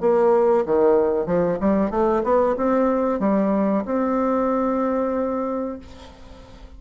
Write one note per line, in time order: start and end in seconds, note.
0.00 0.65 A#3
0.65 1.26 D#3
1.26 1.58 F3
1.60 1.90 G3
1.90 2.22 A3
2.23 2.55 B3
2.56 3.19 C4
3.19 3.84 G3
3.85 5.79 C4